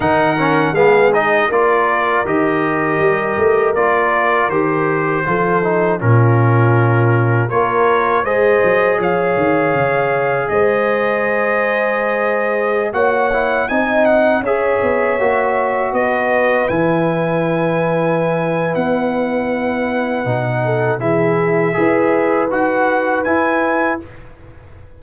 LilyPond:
<<
  \new Staff \with { instrumentName = "trumpet" } { \time 4/4 \tempo 4 = 80 fis''4 f''8 dis''8 d''4 dis''4~ | dis''4 d''4 c''2 | ais'2 cis''4 dis''4 | f''2 dis''2~ |
dis''4~ dis''16 fis''4 gis''8 fis''8 e''8.~ | e''4~ e''16 dis''4 gis''4.~ gis''16~ | gis''4 fis''2. | e''2 fis''4 gis''4 | }
  \new Staff \with { instrumentName = "horn" } { \time 4/4 ais'4 gis'4 ais'2~ | ais'2. a'4 | f'2 ais'4 c''4 | cis''2 c''2~ |
c''4~ c''16 cis''4 dis''4 cis''8.~ | cis''4~ cis''16 b'2~ b'8.~ | b'2.~ b'8 a'8 | gis'4 b'2. | }
  \new Staff \with { instrumentName = "trombone" } { \time 4/4 dis'8 cis'8 b8 dis'8 f'4 g'4~ | g'4 f'4 g'4 f'8 dis'8 | cis'2 f'4 gis'4~ | gis'1~ |
gis'4~ gis'16 fis'8 e'8 dis'4 gis'8.~ | gis'16 fis'2 e'4.~ e'16~ | e'2. dis'4 | e'4 gis'4 fis'4 e'4 | }
  \new Staff \with { instrumentName = "tuba" } { \time 4/4 dis4 gis4 ais4 dis4 | g8 a8 ais4 dis4 f4 | ais,2 ais4 gis8 fis8 | f8 dis8 cis4 gis2~ |
gis4~ gis16 ais4 c'4 cis'8 b16~ | b16 ais4 b4 e4.~ e16~ | e4 b2 b,4 | e4 e'4 dis'4 e'4 | }
>>